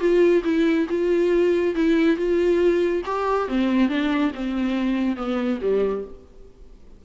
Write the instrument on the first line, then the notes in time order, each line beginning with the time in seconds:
viola
0.00 F4
0.44 E4
0.90 F4
1.76 E4
2.17 F4
3.06 G4
3.49 C4
3.89 D4
4.35 C4
5.17 B3
5.62 G3